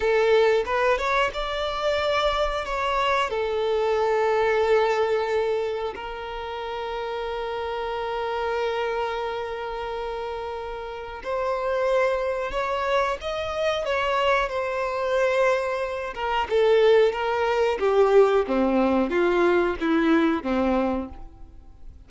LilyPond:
\new Staff \with { instrumentName = "violin" } { \time 4/4 \tempo 4 = 91 a'4 b'8 cis''8 d''2 | cis''4 a'2.~ | a'4 ais'2.~ | ais'1~ |
ais'4 c''2 cis''4 | dis''4 cis''4 c''2~ | c''8 ais'8 a'4 ais'4 g'4 | c'4 f'4 e'4 c'4 | }